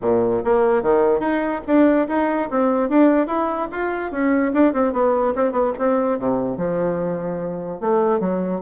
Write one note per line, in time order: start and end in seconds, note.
0.01 0.42 A#2
0.44 0.82 A#3
0.82 1.19 D#3
1.19 1.60 D#4
1.66 2.07 D4
2.08 2.49 D#4
2.50 2.89 C4
2.89 3.27 D4
3.27 3.68 E4
3.71 4.11 F4
4.11 4.52 C#4
4.53 4.73 D4
4.73 4.92 C4
4.92 5.33 B3
5.35 5.52 C4
5.52 5.72 B3
5.78 6.18 C4
6.18 6.57 C3
6.57 7.80 F3
7.80 8.20 A3
8.20 8.61 F#3